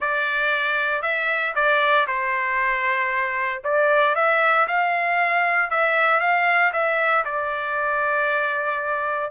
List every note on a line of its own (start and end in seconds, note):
0.00 1.02 D5
1.02 1.54 E5
1.55 2.06 D5
2.07 3.62 C5
3.64 4.15 D5
4.15 4.67 E5
4.67 5.70 F5
5.70 6.20 E5
6.20 6.71 F5
6.72 7.24 E5
7.25 9.30 D5